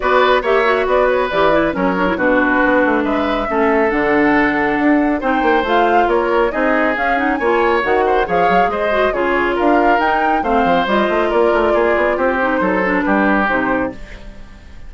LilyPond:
<<
  \new Staff \with { instrumentName = "flute" } { \time 4/4 \tempo 4 = 138 d''4 e''4 d''8 cis''8 d''4 | cis''4 b'2 e''4~ | e''4 fis''2. | g''4 f''4 cis''4 dis''4 |
f''8 fis''8 gis''4 fis''4 f''4 | dis''4 cis''4 f''4 g''4 | f''4 dis''4 d''2 | c''2 b'4 c''4 | }
  \new Staff \with { instrumentName = "oboe" } { \time 4/4 b'4 cis''4 b'2 | ais'4 fis'2 b'4 | a'1 | c''2 ais'4 gis'4~ |
gis'4 cis''4. c''8 cis''4 | c''4 gis'4 ais'2 | c''2 ais'4 gis'4 | g'4 a'4 g'2 | }
  \new Staff \with { instrumentName = "clarinet" } { \time 4/4 fis'4 g'8 fis'4. g'8 e'8 | cis'8 d'16 e'16 d'2. | cis'4 d'2. | dis'4 f'2 dis'4 |
cis'8 dis'8 f'4 fis'4 gis'4~ | gis'8 fis'8 f'2 dis'4 | c'4 f'2.~ | f'8 dis'4 d'4. dis'4 | }
  \new Staff \with { instrumentName = "bassoon" } { \time 4/4 b4 ais4 b4 e4 | fis4 b,4 b8 a8 gis4 | a4 d2 d'4 | c'8 ais8 a4 ais4 c'4 |
cis'4 ais4 dis4 f8 fis8 | gis4 cis4 d'4 dis'4 | a8 f8 g8 a8 ais8 a8 ais8 b8 | c'4 fis4 g4 c4 | }
>>